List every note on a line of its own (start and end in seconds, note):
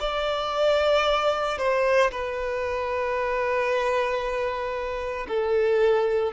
0.00 1.58 D5
1.58 2.11 C5
2.11 5.27 B4
5.28 6.33 A4